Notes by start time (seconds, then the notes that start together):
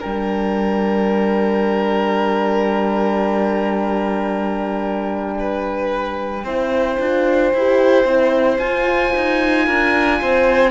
0.00 G3 D4 A#4 G5
5.39 B4
6.44 C4 E4 C5
7.00 D4 F4
7.53 E4 G4
8.05 C4 E4
8.58 F4 G#5
9.16 D#4
9.65 D4 A#4
10.21 C4 C5